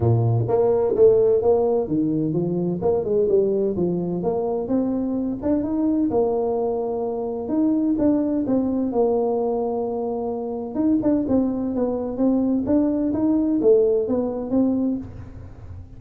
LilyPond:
\new Staff \with { instrumentName = "tuba" } { \time 4/4 \tempo 4 = 128 ais,4 ais4 a4 ais4 | dis4 f4 ais8 gis8 g4 | f4 ais4 c'4. d'8 | dis'4 ais2. |
dis'4 d'4 c'4 ais4~ | ais2. dis'8 d'8 | c'4 b4 c'4 d'4 | dis'4 a4 b4 c'4 | }